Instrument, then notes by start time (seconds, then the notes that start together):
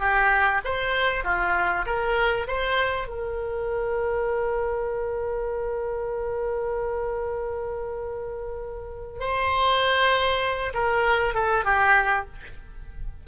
oboe
0.00 G4
0.65 C5
1.24 F4
1.86 A#4
2.47 C5
3.08 A#4
9.20 C5
10.74 A#4
11.34 A4
11.65 G4